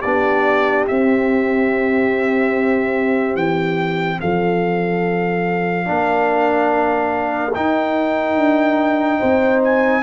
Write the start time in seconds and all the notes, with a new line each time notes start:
0.00 B3 D4 G4 D5
0.87 C4 E5
3.35 E3 G5
4.20 F3 A4 F5
5.85 A#3 D4 A#4
7.54 D#4 G5
8.36 D4
9.18 C4 C5
9.63 G#5